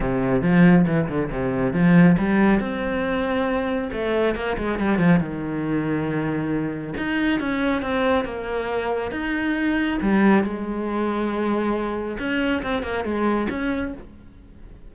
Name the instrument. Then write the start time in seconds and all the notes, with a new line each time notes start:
cello
0.00 C3
0.42 F3
0.86 E3
1.08 D3
1.31 C3
1.73 F3
2.18 G3
2.60 C4
3.92 A3
4.35 A#3
4.57 G#3
4.78 G3
4.98 F3
5.20 D#3
6.97 D#4
7.40 C#4
7.82 C4
8.24 A#3
9.11 D#4
10.01 G3
10.43 G#3
12.19 C#4
12.63 C4
12.83 A#3
13.04 G#3
13.49 C#4